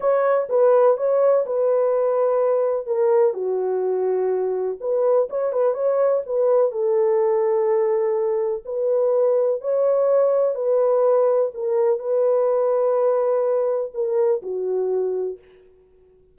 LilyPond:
\new Staff \with { instrumentName = "horn" } { \time 4/4 \tempo 4 = 125 cis''4 b'4 cis''4 b'4~ | b'2 ais'4 fis'4~ | fis'2 b'4 cis''8 b'8 | cis''4 b'4 a'2~ |
a'2 b'2 | cis''2 b'2 | ais'4 b'2.~ | b'4 ais'4 fis'2 | }